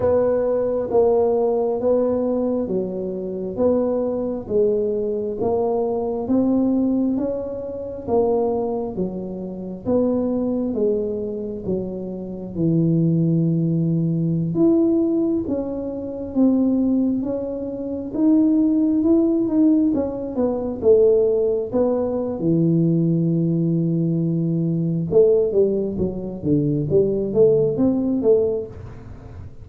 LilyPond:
\new Staff \with { instrumentName = "tuba" } { \time 4/4 \tempo 4 = 67 b4 ais4 b4 fis4 | b4 gis4 ais4 c'4 | cis'4 ais4 fis4 b4 | gis4 fis4 e2~ |
e16 e'4 cis'4 c'4 cis'8.~ | cis'16 dis'4 e'8 dis'8 cis'8 b8 a8.~ | a16 b8. e2. | a8 g8 fis8 d8 g8 a8 c'8 a8 | }